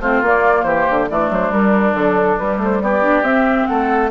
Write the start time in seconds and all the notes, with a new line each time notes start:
0.00 A3 C4 F4 C5
0.21 A#3 D5
0.63 E3 G4 C5
0.90 D3
1.09 E3 A3 D4 D5
1.30 F#3 C5
1.50 G3 A#4
1.93 D3 F#3 A4
2.37 G3 B4
2.57 A3
2.64 C5
2.81 B3 G4 D5
3.02 D4
3.22 C4 E5
3.67 A3 A4 F#5